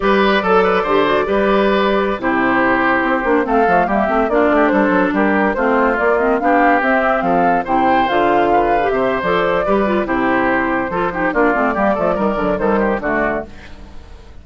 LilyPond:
<<
  \new Staff \with { instrumentName = "flute" } { \time 4/4 \tempo 4 = 143 d''1~ | d''4~ d''16 c''2~ c''8.~ | c''16 f''4 e''4 d''4 c''8.~ | c''16 ais'4 c''4 d''8 dis''8 f''8.~ |
f''16 e''4 f''4 g''4 f''8.~ | f''4~ f''16 e''8. d''2 | c''2. d''4~ | d''2 c''4 d''4 | }
  \new Staff \with { instrumentName = "oboe" } { \time 4/4 b'4 a'8 b'8 c''4 b'4~ | b'4~ b'16 g'2~ g'8.~ | g'16 a'4 g'4 f'8 g'8 a'8.~ | a'16 g'4 f'2 g'8.~ |
g'4~ g'16 a'4 c''4.~ c''16~ | c''16 b'4 c''4.~ c''16 b'4 | g'2 a'8 g'8 f'4 | g'8 a'8 ais'4 a'8 g'8 fis'4 | }
  \new Staff \with { instrumentName = "clarinet" } { \time 4/4 g'4 a'4 g'8 fis'8 g'4~ | g'4~ g'16 e'2~ e'8 d'16~ | d'16 c'8 a8 ais8 c'8 d'4.~ d'16~ | d'4~ d'16 c'4 ais8 c'8 d'8.~ |
d'16 c'2 e'4 f'8.~ | f'4 g'4 a'4 g'8 f'8 | e'2 f'8 dis'8 d'8 c'8 | ais8 a8 g8 fis8 g4 a4 | }
  \new Staff \with { instrumentName = "bassoon" } { \time 4/4 g4 fis4 d4 g4~ | g4~ g16 c2 c'8 ais16~ | ais16 a8 f8 g8 a8 ais8 a8 g8 fis16~ | fis16 g4 a4 ais4 b8.~ |
b16 c'4 f4 c4 d8.~ | d4~ d16 c8. f4 g4 | c2 f4 ais8 a8 | g8 f8 dis8 d8 dis4 d4 | }
>>